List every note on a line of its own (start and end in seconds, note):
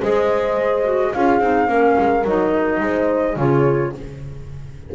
0.00 1.15 G#3
0.00 0.84 G#4
0.00 1.12 C5
0.00 1.14 D#5
0.84 1.12 F#4
1.14 1.41 C#4
1.14 1.42 F4
1.14 1.70 G#4
1.14 2.26 F5
1.41 1.68 C4
1.41 1.67 D#4
1.67 1.96 A#3
1.67 2.23 C#4
1.67 2.82 A#4
1.99 2.25 G#3
2.25 2.81 F#3
2.25 3.37 D#4
2.25 3.39 D#5
2.81 3.36 G#3
2.81 3.37 C5
3.36 3.93 C#3
3.36 3.93 F4
3.36 3.93 G#4
3.36 3.95 C#5